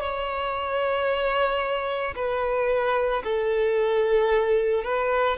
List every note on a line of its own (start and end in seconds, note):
0.00 2.14 C#5
2.15 3.22 B4
3.23 4.84 A4
4.84 5.37 B4